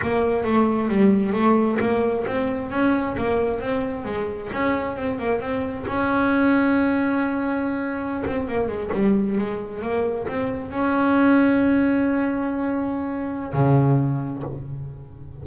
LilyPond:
\new Staff \with { instrumentName = "double bass" } { \time 4/4 \tempo 4 = 133 ais4 a4 g4 a4 | ais4 c'4 cis'4 ais4 | c'4 gis4 cis'4 c'8 ais8 | c'4 cis'2.~ |
cis'2~ cis'16 c'8 ais8 gis8 g16~ | g8. gis4 ais4 c'4 cis'16~ | cis'1~ | cis'2 cis2 | }